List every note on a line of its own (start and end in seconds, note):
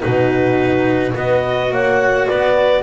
0.00 1.14 B2
0.00 1.13 D#4
0.00 1.14 F#4
0.00 1.13 B4
1.14 1.71 B3
1.14 2.83 F#4
1.14 1.72 B4
1.14 1.74 D#5
1.71 2.27 A#3
1.71 2.27 C#5
1.71 2.27 F#5
2.27 2.83 B3
2.27 2.83 B4
2.27 2.83 D5